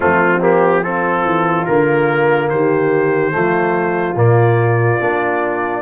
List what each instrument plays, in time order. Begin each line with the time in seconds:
0.00 tuba F3, trombone A3, horn C4, trumpet F4
0.40 trombone A#3, trumpet G4
0.82 trombone C4, horn F4, trumpet A4
1.23 tuba E3
1.65 tuba D3, trombone A#3, trumpet A#4
2.49 tuba D#3, horn G4, trumpet C5
3.31 tuba F3, trombone A3, horn F4
4.15 tuba A#2, trombone A#3, trumpet D5
5.00 tuba A#3, trombone D4